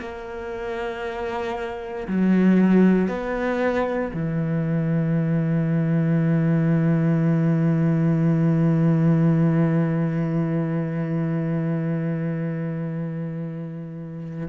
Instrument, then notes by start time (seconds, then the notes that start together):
cello
0.00 A#3
2.07 F#3
3.08 B3
4.13 E3